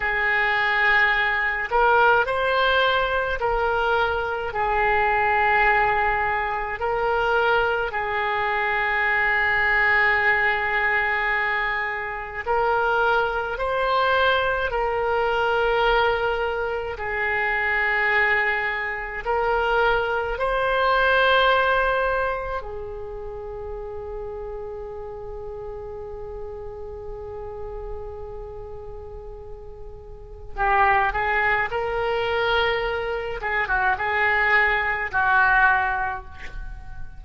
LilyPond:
\new Staff \with { instrumentName = "oboe" } { \time 4/4 \tempo 4 = 53 gis'4. ais'8 c''4 ais'4 | gis'2 ais'4 gis'4~ | gis'2. ais'4 | c''4 ais'2 gis'4~ |
gis'4 ais'4 c''2 | gis'1~ | gis'2. g'8 gis'8 | ais'4. gis'16 fis'16 gis'4 fis'4 | }